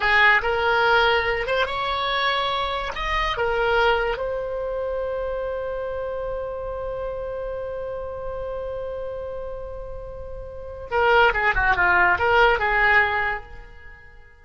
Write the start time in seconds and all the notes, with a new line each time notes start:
0.00 G#4
0.42 A#4
1.46 C5
1.66 C#5
2.95 D#5
3.37 A#4
4.17 C5
10.91 A#4
11.33 G#4
11.54 F#4
11.76 F4
12.18 A#4
12.59 G#4